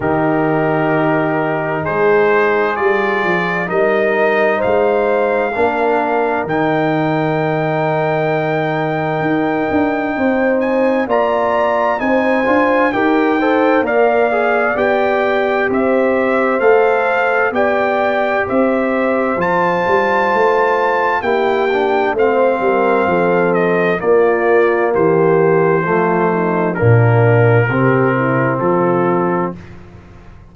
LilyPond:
<<
  \new Staff \with { instrumentName = "trumpet" } { \time 4/4 \tempo 4 = 65 ais'2 c''4 d''4 | dis''4 f''2 g''4~ | g''2.~ g''8 gis''8 | ais''4 gis''4 g''4 f''4 |
g''4 e''4 f''4 g''4 | e''4 a''2 g''4 | f''4. dis''8 d''4 c''4~ | c''4 ais'2 a'4 | }
  \new Staff \with { instrumentName = "horn" } { \time 4/4 g'2 gis'2 | ais'4 c''4 ais'2~ | ais'2. c''4 | d''4 c''4 ais'8 c''8 d''4~ |
d''4 c''2 d''4 | c''2. g'4 | c''8 ais'8 a'4 f'4 g'4 | f'8 dis'8 d'4 g'8 e'8 f'4 | }
  \new Staff \with { instrumentName = "trombone" } { \time 4/4 dis'2. f'4 | dis'2 d'4 dis'4~ | dis'1 | f'4 dis'8 f'8 g'8 a'8 ais'8 gis'8 |
g'2 a'4 g'4~ | g'4 f'2 e'8 d'8 | c'2 ais2 | a4 ais4 c'2 | }
  \new Staff \with { instrumentName = "tuba" } { \time 4/4 dis2 gis4 g8 f8 | g4 gis4 ais4 dis4~ | dis2 dis'8 d'8 c'4 | ais4 c'8 d'8 dis'4 ais4 |
b4 c'4 a4 b4 | c'4 f8 g8 a4 ais4 | a8 g8 f4 ais4 e4 | f4 ais,4 c4 f4 | }
>>